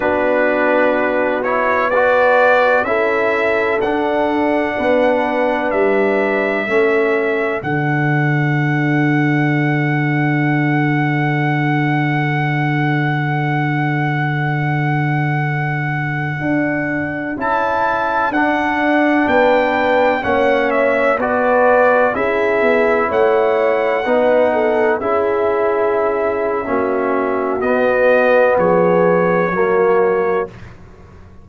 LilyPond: <<
  \new Staff \with { instrumentName = "trumpet" } { \time 4/4 \tempo 4 = 63 b'4. cis''8 d''4 e''4 | fis''2 e''2 | fis''1~ | fis''1~ |
fis''2~ fis''16 a''4 fis''8.~ | fis''16 g''4 fis''8 e''8 d''4 e''8.~ | e''16 fis''2 e''4.~ e''16~ | e''4 dis''4 cis''2 | }
  \new Staff \with { instrumentName = "horn" } { \time 4/4 fis'2 b'4 a'4~ | a'4 b'2 a'4~ | a'1~ | a'1~ |
a'1~ | a'16 b'4 cis''4 b'4 gis'8.~ | gis'16 cis''4 b'8 a'8 gis'4.~ gis'16 | fis'2 gis'4 fis'4 | }
  \new Staff \with { instrumentName = "trombone" } { \time 4/4 d'4. e'8 fis'4 e'4 | d'2. cis'4 | d'1~ | d'1~ |
d'2~ d'16 e'4 d'8.~ | d'4~ d'16 cis'4 fis'4 e'8.~ | e'4~ e'16 dis'4 e'4.~ e'16 | cis'4 b2 ais4 | }
  \new Staff \with { instrumentName = "tuba" } { \time 4/4 b2. cis'4 | d'4 b4 g4 a4 | d1~ | d1~ |
d4~ d16 d'4 cis'4 d'8.~ | d'16 b4 ais4 b4 cis'8 b16~ | b16 a4 b4 cis'4.~ cis'16 | ais4 b4 f4 fis4 | }
>>